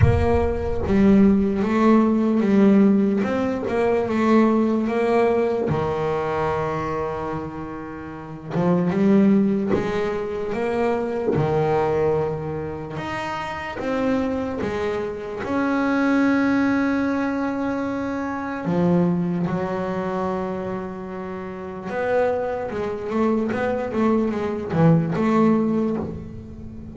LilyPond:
\new Staff \with { instrumentName = "double bass" } { \time 4/4 \tempo 4 = 74 ais4 g4 a4 g4 | c'8 ais8 a4 ais4 dis4~ | dis2~ dis8 f8 g4 | gis4 ais4 dis2 |
dis'4 c'4 gis4 cis'4~ | cis'2. f4 | fis2. b4 | gis8 a8 b8 a8 gis8 e8 a4 | }